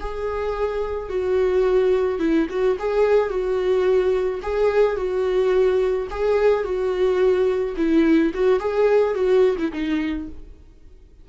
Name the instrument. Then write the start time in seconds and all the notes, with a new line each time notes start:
viola
0.00 G#4
1.10 F#4
2.19 E4
2.49 F#4
2.79 G#4
3.30 F#4
4.42 G#4
4.96 F#4
6.10 G#4
6.64 F#4
7.77 E4
8.34 F#4
8.60 G#4
9.14 F#4
9.58 E4
9.73 D#4